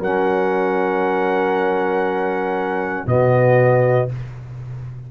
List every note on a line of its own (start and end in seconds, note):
0.00 3.05 F#3
0.00 3.07 C#4
0.00 3.06 A#4
0.00 3.08 F#5
3.07 4.08 B2
3.07 4.09 B3
3.07 4.12 F#4
3.07 4.10 D#5